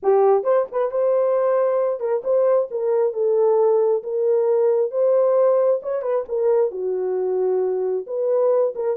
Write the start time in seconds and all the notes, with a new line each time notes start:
0.02 G4
0.43 C5
0.71 B4
0.91 C5
1.99 A#4
2.23 C5
2.70 A#4
3.13 A4
4.03 A#4
4.91 C5
5.82 C#5
6.02 B4
6.28 A#4
6.71 F#4
8.07 B4
8.75 A#4